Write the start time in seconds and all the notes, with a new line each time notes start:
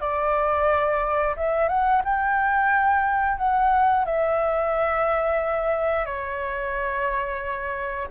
0.00 D5
1.36 E5
1.68 F#5
2.04 G5
3.37 F#5
4.05 E5
6.06 C#5